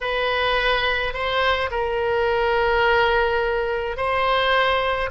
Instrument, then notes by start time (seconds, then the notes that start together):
oboe
0.00 B4
1.13 C5
1.70 A#4
3.96 C5